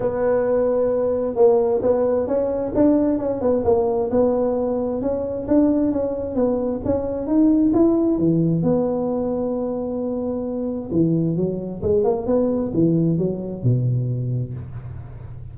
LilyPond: \new Staff \with { instrumentName = "tuba" } { \time 4/4 \tempo 4 = 132 b2. ais4 | b4 cis'4 d'4 cis'8 b8 | ais4 b2 cis'4 | d'4 cis'4 b4 cis'4 |
dis'4 e'4 e4 b4~ | b1 | e4 fis4 gis8 ais8 b4 | e4 fis4 b,2 | }